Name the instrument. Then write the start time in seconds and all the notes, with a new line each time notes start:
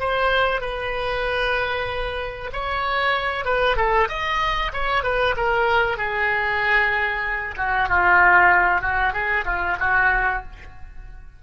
oboe
0.00 C5
0.61 B4
2.53 C#5
3.45 B4
3.77 A4
4.09 D#5
4.73 C#5
5.04 B4
5.37 A#4
5.97 G#4
7.57 F#4
7.89 F4
8.82 F#4
9.13 G#4
9.45 F4
9.80 F#4